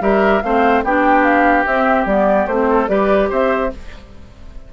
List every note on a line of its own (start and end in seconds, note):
0.00 0.42 G3
0.00 0.41 G4
0.00 0.43 A#4
0.00 0.41 E5
0.41 0.83 A3
0.41 0.85 C4
0.41 0.84 C5
0.41 0.82 F5
0.83 1.65 B3
0.83 1.66 D4
0.83 2.69 G4
0.83 1.23 G5
1.23 1.64 F5
1.65 2.05 C4
1.65 2.07 C4
1.65 2.06 E5
2.05 2.46 G3
2.05 2.49 B3
2.05 2.46 D5
2.46 2.88 A3
2.46 2.87 C4
2.46 2.88 C5
2.69 2.89 A4
2.87 3.29 G3
2.87 3.70 G4
2.87 3.29 B4
2.87 3.29 D5
3.29 3.72 C4
3.29 3.70 C5
3.29 3.73 E5